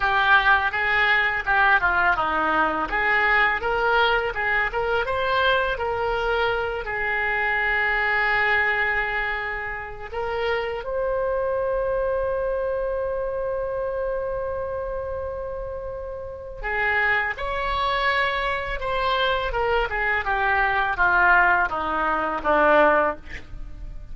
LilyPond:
\new Staff \with { instrumentName = "oboe" } { \time 4/4 \tempo 4 = 83 g'4 gis'4 g'8 f'8 dis'4 | gis'4 ais'4 gis'8 ais'8 c''4 | ais'4. gis'2~ gis'8~ | gis'2 ais'4 c''4~ |
c''1~ | c''2. gis'4 | cis''2 c''4 ais'8 gis'8 | g'4 f'4 dis'4 d'4 | }